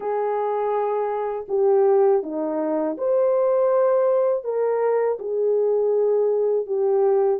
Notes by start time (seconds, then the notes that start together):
0.00 G#4
1.48 G4
2.22 D#4
2.97 C5
4.44 A#4
5.19 G#4
6.66 G4